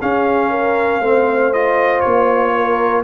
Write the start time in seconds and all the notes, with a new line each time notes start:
0.00 C#4 G#4 F5
0.50 A#4
1.00 A3 C4 C5
1.53 F4 D#5
2.00 A#3 C#5
2.55 A#4